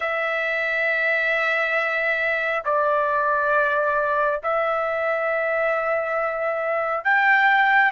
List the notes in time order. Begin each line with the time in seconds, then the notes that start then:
0.00 E5
2.65 D5
4.43 E5
7.04 G5